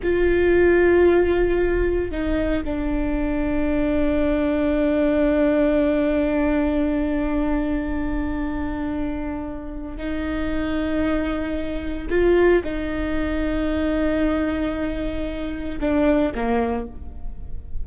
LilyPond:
\new Staff \with { instrumentName = "viola" } { \time 4/4 \tempo 4 = 114 f'1 | dis'4 d'2.~ | d'1~ | d'1~ |
d'2. dis'4~ | dis'2. f'4 | dis'1~ | dis'2 d'4 ais4 | }